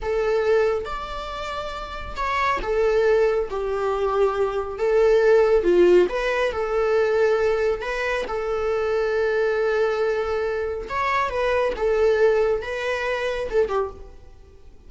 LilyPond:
\new Staff \with { instrumentName = "viola" } { \time 4/4 \tempo 4 = 138 a'2 d''2~ | d''4 cis''4 a'2 | g'2. a'4~ | a'4 f'4 b'4 a'4~ |
a'2 b'4 a'4~ | a'1~ | a'4 cis''4 b'4 a'4~ | a'4 b'2 a'8 g'8 | }